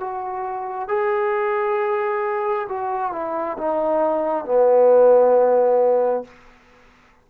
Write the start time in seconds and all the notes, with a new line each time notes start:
0.00 F#4
0.88 G#4
2.69 F#4
3.13 E4
3.58 D#4
4.45 B3